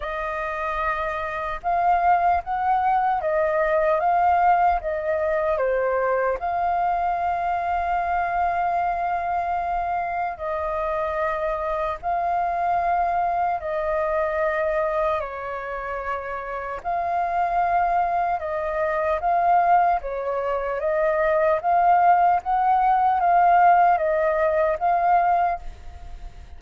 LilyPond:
\new Staff \with { instrumentName = "flute" } { \time 4/4 \tempo 4 = 75 dis''2 f''4 fis''4 | dis''4 f''4 dis''4 c''4 | f''1~ | f''4 dis''2 f''4~ |
f''4 dis''2 cis''4~ | cis''4 f''2 dis''4 | f''4 cis''4 dis''4 f''4 | fis''4 f''4 dis''4 f''4 | }